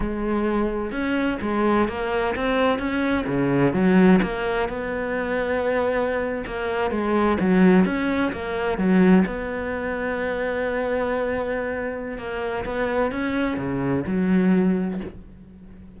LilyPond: \new Staff \with { instrumentName = "cello" } { \time 4/4 \tempo 4 = 128 gis2 cis'4 gis4 | ais4 c'4 cis'4 cis4 | fis4 ais4 b2~ | b4.~ b16 ais4 gis4 fis16~ |
fis8. cis'4 ais4 fis4 b16~ | b1~ | b2 ais4 b4 | cis'4 cis4 fis2 | }